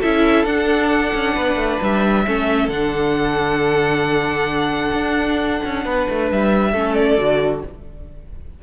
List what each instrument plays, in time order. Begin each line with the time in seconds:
0.00 cello C#4, viola E4, violin A4 E5
0.45 cello D4, viola D4, violin F#5
1.14 cello C#4
1.35 cello B3, violin B4
1.56 cello A3
1.82 cello G3, violin E5
2.26 cello A3, viola C#4, violin A4
2.68 cello D3, viola D4, violin F#5
4.93 cello D4
5.65 cello C#4
5.85 cello B3, violin B4
6.10 cello A3
6.32 cello G3, violin E5
6.72 cello A3, viola C#4, violin A4
6.95 violin D5
7.18 cello D3, viola F#4